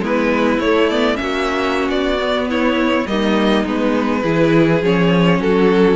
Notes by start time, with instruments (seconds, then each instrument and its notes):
0.00 cello G#3, viola B3, violin E4 B4
0.59 cello A3, viola A3, violin C#5
0.89 viola B3, violin D5
1.15 cello A#3, viola C#4, violin E5
1.21 violin F#4
1.88 cello B3, violin D5
2.20 viola B3
2.49 violin E4 C#5
3.06 cello G3, viola A#3, violin D#4 D#5
3.65 cello G#3, viola B3, violin B4
4.22 cello E3, viola E4, violin G#4
4.82 cello F3, viola C#4, violin C#5
5.39 cello F#3, violin F#4 A4